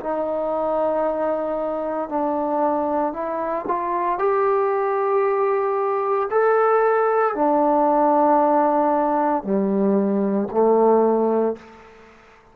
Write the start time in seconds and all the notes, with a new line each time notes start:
0.00 D#4
2.09 D4
3.13 E4
3.67 F4
4.19 G4
6.31 A4
7.35 D4
9.44 G3
10.51 A3